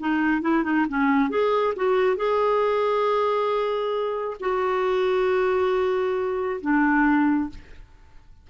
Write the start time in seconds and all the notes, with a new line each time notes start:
0.00 D#4
0.42 E4
0.64 D#4
0.89 C#4
1.30 G#4
1.77 F#4
2.17 G#4
4.40 F#4
6.62 D4